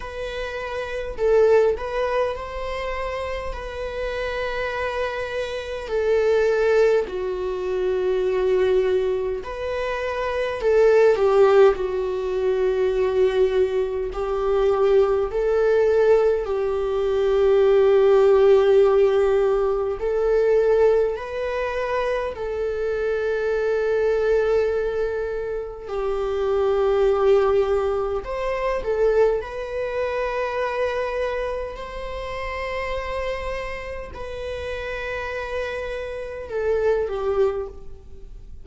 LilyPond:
\new Staff \with { instrumentName = "viola" } { \time 4/4 \tempo 4 = 51 b'4 a'8 b'8 c''4 b'4~ | b'4 a'4 fis'2 | b'4 a'8 g'8 fis'2 | g'4 a'4 g'2~ |
g'4 a'4 b'4 a'4~ | a'2 g'2 | c''8 a'8 b'2 c''4~ | c''4 b'2 a'8 g'8 | }